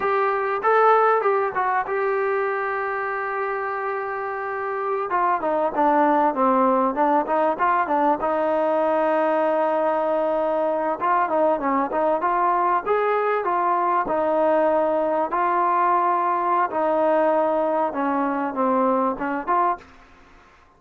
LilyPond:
\new Staff \with { instrumentName = "trombone" } { \time 4/4 \tempo 4 = 97 g'4 a'4 g'8 fis'8 g'4~ | g'1~ | g'16 f'8 dis'8 d'4 c'4 d'8 dis'16~ | dis'16 f'8 d'8 dis'2~ dis'8.~ |
dis'4.~ dis'16 f'8 dis'8 cis'8 dis'8 f'16~ | f'8. gis'4 f'4 dis'4~ dis'16~ | dis'8. f'2~ f'16 dis'4~ | dis'4 cis'4 c'4 cis'8 f'8 | }